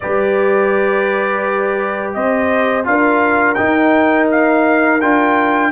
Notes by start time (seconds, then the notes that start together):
0.00 G3 G4 B4 D5
2.14 C4 C5 D#5
2.84 D4 F4 A#4 F5
3.54 D#4 G5
4.31 F5
5.01 D4 F4 G5